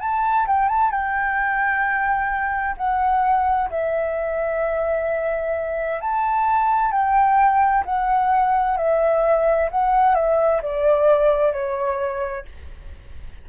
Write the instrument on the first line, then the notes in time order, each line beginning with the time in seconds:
flute
0.00 A5
0.47 G5
0.68 A5
0.91 G5
2.77 F#5
3.70 E5
6.01 A5
6.91 G5
7.85 F#5
8.77 E5
9.71 F#5
10.15 E5
10.62 D5
11.53 C#5